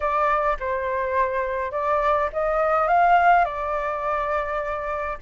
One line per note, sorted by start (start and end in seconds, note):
0.00 0.57 D5
0.59 1.71 C5
1.71 2.29 D5
2.33 2.87 D#5
2.87 3.45 F5
3.45 5.18 D5